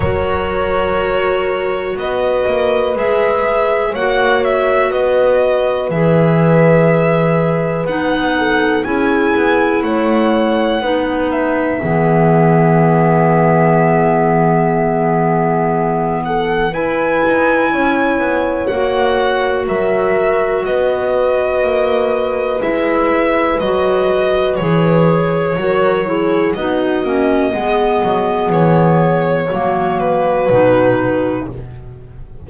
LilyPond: <<
  \new Staff \with { instrumentName = "violin" } { \time 4/4 \tempo 4 = 61 cis''2 dis''4 e''4 | fis''8 e''8 dis''4 e''2 | fis''4 gis''4 fis''4. e''8~ | e''1~ |
e''8 fis''8 gis''2 fis''4 | e''4 dis''2 e''4 | dis''4 cis''2 dis''4~ | dis''4 cis''4. b'4. | }
  \new Staff \with { instrumentName = "horn" } { \time 4/4 ais'2 b'2 | cis''4 b'2.~ | b'8 a'8 gis'4 cis''4 b'4 | gis'1~ |
gis'8 a'8 b'4 cis''2 | ais'4 b'2.~ | b'2 ais'8 gis'8 fis'4 | gis'2 fis'2 | }
  \new Staff \with { instrumentName = "clarinet" } { \time 4/4 fis'2. gis'4 | fis'2 gis'2 | dis'4 e'2 dis'4 | b1~ |
b4 e'2 fis'4~ | fis'2. e'4 | fis'4 gis'4 fis'8 e'8 dis'8 cis'8 | b2 ais4 dis'4 | }
  \new Staff \with { instrumentName = "double bass" } { \time 4/4 fis2 b8 ais8 gis4 | ais4 b4 e2 | b4 cis'8 b8 a4 b4 | e1~ |
e4 e'8 dis'8 cis'8 b8 ais4 | fis4 b4 ais4 gis4 | fis4 e4 fis4 b8 ais8 | gis8 fis8 e4 fis4 b,4 | }
>>